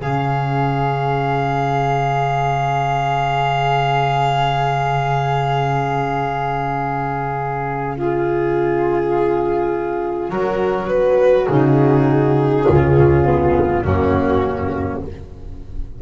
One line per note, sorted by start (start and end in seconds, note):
0.00 10.29 C#3
0.00 11.48 C#4
0.00 7.95 G#4
0.00 7.96 F5
7.96 10.31 F4
7.96 10.30 G#4
10.29 11.47 F#3
10.29 12.67 F#4
10.29 10.88 A#4
10.88 11.47 B4
11.47 12.66 C#3
11.47 12.66 D#4
11.47 13.82 G#4
12.67 13.84 C#2
12.67 13.25 C#4
12.67 13.83 F4
13.25 13.84 B3
13.83 15.02 F#2
13.83 15.02 A#3
13.83 15.00 C#4
13.83 15.02 F#4